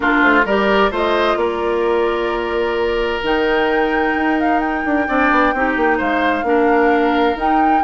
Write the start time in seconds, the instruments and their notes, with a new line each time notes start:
0.00 bassoon A#3, clarinet D4, oboe F4, flute A#4
0.22 bassoon A3, flute C5
0.45 bassoon G3, clarinet G4, oboe A#4, flute D5
0.90 bassoon A3, clarinet F4, oboe C5, flute D#5
1.36 bassoon A#3, oboe A#4, flute D5
3.23 bassoon D#3, clarinet D#4, flute G5
4.14 bassoon D#4
4.40 flute F5
4.59 flute G5
4.85 bassoon D4
5.07 bassoon C4, clarinet D4, oboe D5
5.31 bassoon B3
5.53 bassoon C4, clarinet D#4, oboe G4
5.76 bassoon A#3
5.97 bassoon G#3, oboe C5, flute F5
6.42 bassoon A#3, clarinet D4, oboe A#4
7.35 bassoon D#4, clarinet D#4, flute G5